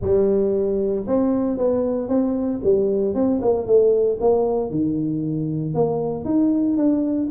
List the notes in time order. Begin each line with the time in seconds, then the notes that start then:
0.01 G3
1.07 C4
1.57 B3
2.08 C4
2.63 G3
3.14 C4
3.41 A#3
3.66 A3
4.20 A#3
4.70 D#3
5.74 A#3
6.25 D#4
6.77 D4